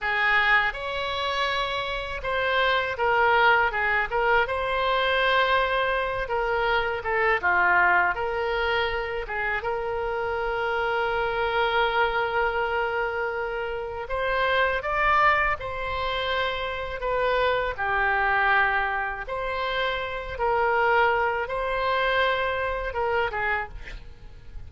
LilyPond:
\new Staff \with { instrumentName = "oboe" } { \time 4/4 \tempo 4 = 81 gis'4 cis''2 c''4 | ais'4 gis'8 ais'8 c''2~ | c''8 ais'4 a'8 f'4 ais'4~ | ais'8 gis'8 ais'2.~ |
ais'2. c''4 | d''4 c''2 b'4 | g'2 c''4. ais'8~ | ais'4 c''2 ais'8 gis'8 | }